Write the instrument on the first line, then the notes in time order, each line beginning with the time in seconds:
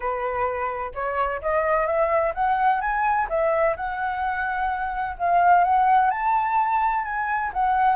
flute
0.00 B4
0.94 C#5
1.41 D#5
1.86 E5
2.34 F#5
2.80 G#5
3.29 E5
3.76 F#5
5.18 F5
5.64 F#5
6.10 A5
7.04 G#5
7.53 F#5